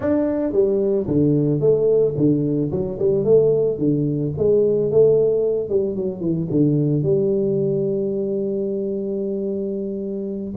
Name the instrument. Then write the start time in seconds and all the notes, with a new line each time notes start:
tuba
0.00 D4
0.52 G3
1.07 D3
1.60 A3
2.16 D3
2.71 F#3
2.98 G3
3.24 A3
3.78 D3
4.37 G#3
4.91 A3
5.69 G3
5.95 F#3
6.20 E3
6.50 D3
7.02 G3